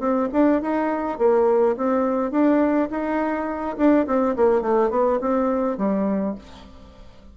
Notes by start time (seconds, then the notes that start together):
0.00 C4
0.33 D4
0.62 D#4
1.19 A#3
1.77 C4
2.32 D4
2.91 D#4
3.78 D4
4.07 C4
4.36 A#3
4.62 A3
4.91 B3
5.21 C4
5.78 G3